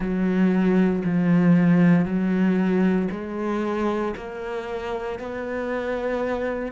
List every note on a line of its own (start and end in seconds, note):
0.00 1.03 F#3
1.04 2.05 F3
2.05 3.08 F#3
3.11 4.14 G#3
4.16 5.19 A#3
5.19 6.71 B3